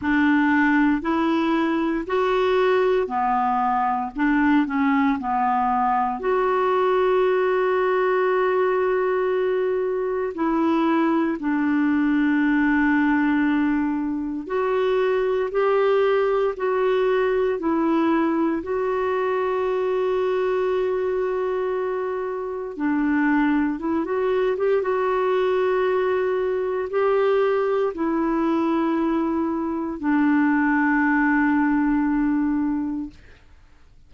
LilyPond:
\new Staff \with { instrumentName = "clarinet" } { \time 4/4 \tempo 4 = 58 d'4 e'4 fis'4 b4 | d'8 cis'8 b4 fis'2~ | fis'2 e'4 d'4~ | d'2 fis'4 g'4 |
fis'4 e'4 fis'2~ | fis'2 d'4 e'16 fis'8 g'16 | fis'2 g'4 e'4~ | e'4 d'2. | }